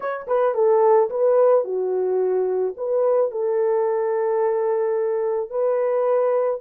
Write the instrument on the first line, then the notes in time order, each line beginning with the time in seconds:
horn
0.00 C#5
0.27 B4
0.54 A4
1.09 B4
1.64 F#4
2.76 B4
3.31 A4
5.50 B4